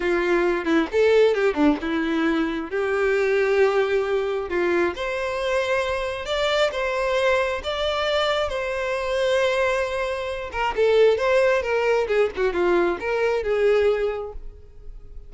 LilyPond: \new Staff \with { instrumentName = "violin" } { \time 4/4 \tempo 4 = 134 f'4. e'8 a'4 g'8 d'8 | e'2 g'2~ | g'2 f'4 c''4~ | c''2 d''4 c''4~ |
c''4 d''2 c''4~ | c''2.~ c''8 ais'8 | a'4 c''4 ais'4 gis'8 fis'8 | f'4 ais'4 gis'2 | }